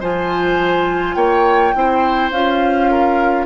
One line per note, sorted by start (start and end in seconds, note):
0.00 1.15 F3
0.00 1.74 F4
0.00 1.15 C5
0.00 1.15 G#5
1.15 1.73 A#3
1.15 1.74 C#5
1.15 2.30 G5
1.74 2.31 C4
1.74 2.31 E4
1.74 2.91 C5
2.31 3.46 C#4
2.31 3.46 F4
2.31 3.46 F5
2.91 3.46 A#4